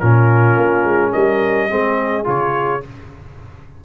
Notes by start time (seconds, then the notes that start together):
0.00 A#2 C#4 F4 A#4
0.57 A#3
0.85 G#3
1.12 G3 A#4 D#5
1.70 G#3 C4 G#4
2.24 C#3 F4 C#5